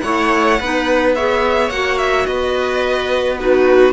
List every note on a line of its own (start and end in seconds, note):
0.00 0.60 A3
0.00 0.59 E4
0.00 0.59 C#5
0.00 1.12 F#5
0.59 1.69 B3
0.59 1.16 D#4
0.59 1.15 B4
1.15 1.71 G#4
1.15 2.27 C#5
1.15 1.70 E5
1.69 2.25 A#3
1.69 3.38 F#4
1.69 1.98 F#5
1.98 2.25 E5
2.25 3.93 B3
2.25 3.40 B4
2.25 3.38 D#5
3.38 3.93 D#4
3.38 3.93 F#4
3.38 3.93 B4